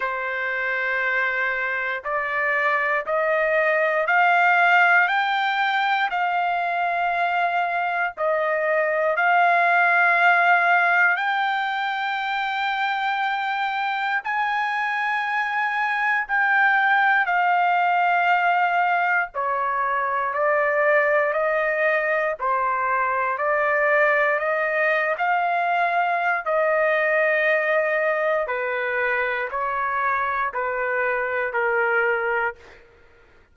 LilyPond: \new Staff \with { instrumentName = "trumpet" } { \time 4/4 \tempo 4 = 59 c''2 d''4 dis''4 | f''4 g''4 f''2 | dis''4 f''2 g''4~ | g''2 gis''2 |
g''4 f''2 cis''4 | d''4 dis''4 c''4 d''4 | dis''8. f''4~ f''16 dis''2 | b'4 cis''4 b'4 ais'4 | }